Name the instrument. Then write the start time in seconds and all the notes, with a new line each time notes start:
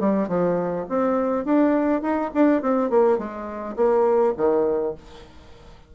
bassoon
0.00 G3
0.29 F3
0.90 C4
1.45 D4
2.02 D#4
2.34 D4
2.62 C4
2.90 A#3
3.19 G#3
3.77 A#3
4.37 D#3